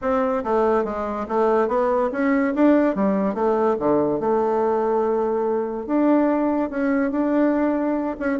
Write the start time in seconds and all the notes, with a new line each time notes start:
0.01 C4
0.43 A3
0.84 G#3
1.28 A3
1.68 B3
2.12 C#4
2.55 D4
2.95 G3
3.34 A3
3.79 D3
4.20 A3
5.86 D4
6.70 C#4
7.11 D4
8.19 C#4